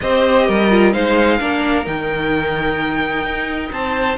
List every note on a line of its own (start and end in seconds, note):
0.00 0.48 C4
0.00 0.70 G4
0.00 0.47 C5
0.00 0.92 D#5
0.47 0.94 G3
0.47 0.93 A#4
0.70 0.92 F4
0.92 1.40 G#3
0.92 1.38 D#4
0.92 1.37 C5
0.92 1.85 F5
1.37 1.86 A#3
1.37 1.84 D4
1.37 3.69 A#4
1.84 3.23 D#3
1.84 4.16 D#4
1.84 3.72 G5
3.23 3.70 D#4
3.72 4.17 C4
3.72 4.17 C5
3.72 4.17 A5